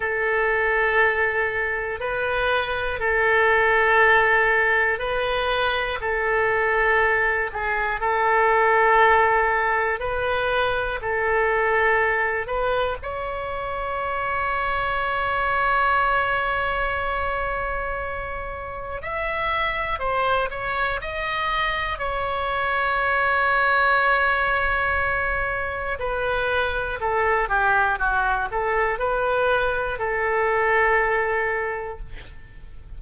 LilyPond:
\new Staff \with { instrumentName = "oboe" } { \time 4/4 \tempo 4 = 60 a'2 b'4 a'4~ | a'4 b'4 a'4. gis'8 | a'2 b'4 a'4~ | a'8 b'8 cis''2.~ |
cis''2. e''4 | c''8 cis''8 dis''4 cis''2~ | cis''2 b'4 a'8 g'8 | fis'8 a'8 b'4 a'2 | }